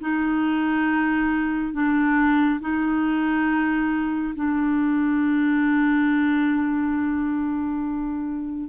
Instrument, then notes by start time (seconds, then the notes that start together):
clarinet
0.00 D#4
1.73 D4
2.60 D#4
4.35 D4